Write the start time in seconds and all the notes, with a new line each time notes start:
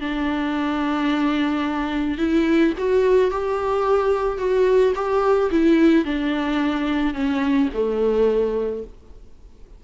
0.00 D4
2.18 E4
2.77 F#4
3.31 G4
4.38 F#4
4.95 G4
5.51 E4
6.04 D4
7.13 C#4
7.73 A3